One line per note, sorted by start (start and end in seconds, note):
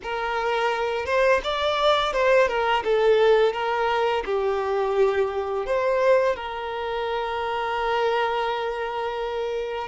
0.02 1.05 A#4
1.05 1.41 C5
1.43 2.12 D5
2.12 2.48 C5
2.48 2.83 A#4
2.84 3.53 A4
3.53 4.23 A#4
4.25 5.65 G4
5.65 6.36 C5
6.36 9.87 A#4